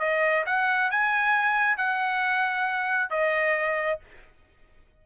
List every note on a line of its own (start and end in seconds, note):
0.00 0.45 D#5
0.46 0.91 F#5
0.91 1.78 G#5
1.78 3.10 F#5
3.10 4.00 D#5